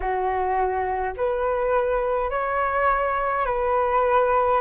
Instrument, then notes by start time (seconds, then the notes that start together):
flute
0.00 F#4
1.16 B4
2.30 C#5
3.45 B4